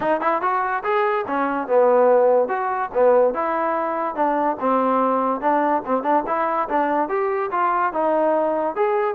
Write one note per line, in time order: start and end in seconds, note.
0.00 0.20 D#4
0.20 0.41 E4
0.41 0.83 F#4
0.83 1.25 G#4
1.27 1.67 C#4
1.67 2.48 B3
2.48 2.90 F#4
2.94 3.34 B3
3.34 4.15 E4
4.15 4.56 D4
4.59 5.41 C4
5.41 5.82 D4
5.85 6.02 C4
6.02 6.23 D4
6.26 6.68 E4
6.69 7.08 D4
7.08 7.50 G4
7.51 7.92 F4
7.92 8.75 D#4
8.75 9.15 G#4